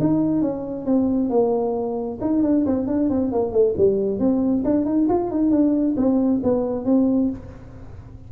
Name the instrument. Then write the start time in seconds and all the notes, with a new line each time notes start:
tuba
0.00 D#4
0.42 C#4
0.85 C4
1.30 A#3
2.21 D#4
2.43 D4
2.66 C4
2.87 D4
3.10 C4
3.32 A#3
3.52 A3
3.77 G3
4.19 C4
4.65 D4
4.85 D#4
5.09 F4
5.31 D#4
5.51 D4
5.97 C4
6.43 B3
6.85 C4